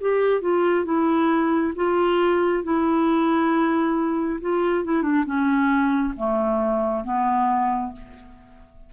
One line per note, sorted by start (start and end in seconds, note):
0.00 0.41 G4
0.41 0.85 F4
0.85 1.73 E4
1.75 2.64 F4
2.64 4.40 E4
4.40 4.84 F4
4.84 5.02 E4
5.02 5.24 D4
5.25 6.14 C#4
6.16 7.04 A3
7.04 7.92 B3